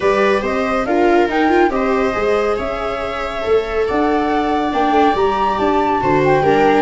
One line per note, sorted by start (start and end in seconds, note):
0.00 0.42 G3
0.00 0.85 G4
0.00 0.42 B4
0.00 0.43 D5
0.42 0.85 C4
0.42 0.85 C5
0.42 0.85 D#5
0.85 1.28 D4
0.85 1.28 F4
0.85 1.72 A#4
0.85 1.28 F5
1.28 1.69 D#4
1.28 1.48 D#4
1.28 1.71 G5
1.48 1.70 F4
1.69 2.12 C4
1.69 2.13 G4
1.69 2.56 C5
1.69 2.56 D#5
2.13 2.58 G#3
2.13 3.41 G#4
2.56 3.44 C#4
2.56 3.85 C#5
2.56 3.87 E5
3.41 3.89 A3
3.41 4.70 A4
3.87 4.73 D4
3.87 6.01 D5
3.87 4.72 F#5
4.72 4.91 A#3
4.72 5.15 D4
4.72 5.15 G5
4.91 5.12 A3
5.14 5.57 G3
5.14 6.00 G4
5.14 5.58 A#5
5.58 6.01 D4
5.58 6.22 A5
6.00 6.41 D3
6.00 6.43 F#4
6.00 6.43 C5
6.24 6.81 G5
6.41 6.81 G3
6.41 6.81 D4
6.41 6.81 A#4